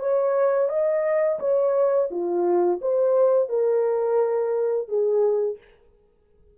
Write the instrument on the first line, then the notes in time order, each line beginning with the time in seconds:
horn
0.00 C#5
0.69 D#5
1.40 C#5
2.11 F4
2.82 C5
3.49 A#4
4.88 G#4